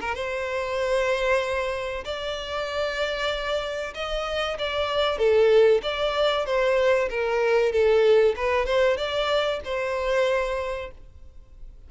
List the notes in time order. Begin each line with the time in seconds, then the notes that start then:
0.00 A#4
0.14 C5
2.04 D5
3.94 D#5
4.58 D5
5.18 A4
5.82 D5
6.45 C5
7.09 A#4
7.72 A4
8.36 B4
8.65 C5
8.97 D5
9.64 C5